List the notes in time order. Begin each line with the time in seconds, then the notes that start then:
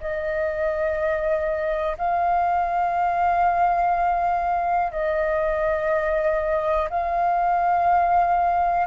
0.00 D#5
1.98 F5
4.91 D#5
6.89 F5